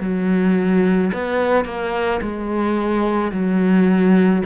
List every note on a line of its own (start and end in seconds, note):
0.00 1.11 F#3
1.13 1.65 B3
1.65 2.20 A#3
2.22 3.31 G#3
3.31 4.42 F#3